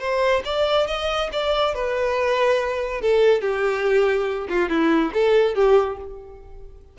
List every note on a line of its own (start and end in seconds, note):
0.00 0.43 C5
0.45 0.87 D5
0.87 1.30 D#5
1.32 1.74 D5
1.74 3.02 B4
3.02 3.41 A4
3.41 4.48 G4
4.49 4.69 F4
4.69 5.12 E4
5.14 5.55 A4
5.55 5.97 G4